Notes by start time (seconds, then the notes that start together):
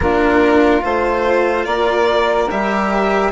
0.00 A#3 D4 F4 A#4
0.80 A3 F4 C5
1.65 A#3 A#4 D5
2.50 G3 G4 E5